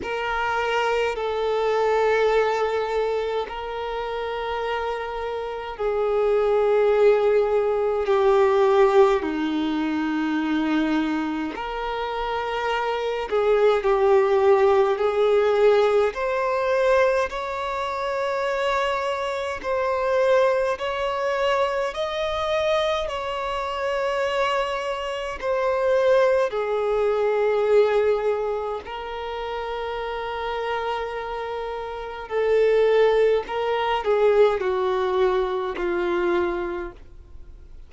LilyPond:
\new Staff \with { instrumentName = "violin" } { \time 4/4 \tempo 4 = 52 ais'4 a'2 ais'4~ | ais'4 gis'2 g'4 | dis'2 ais'4. gis'8 | g'4 gis'4 c''4 cis''4~ |
cis''4 c''4 cis''4 dis''4 | cis''2 c''4 gis'4~ | gis'4 ais'2. | a'4 ais'8 gis'8 fis'4 f'4 | }